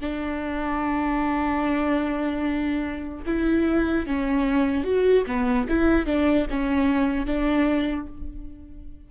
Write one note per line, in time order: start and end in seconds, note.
0.00 3.24 D4
3.26 4.06 E4
4.06 4.84 C#4
4.84 5.24 F#4
5.27 5.67 B3
5.69 6.06 E4
6.06 6.46 D4
6.50 7.26 C#4
7.26 8.07 D4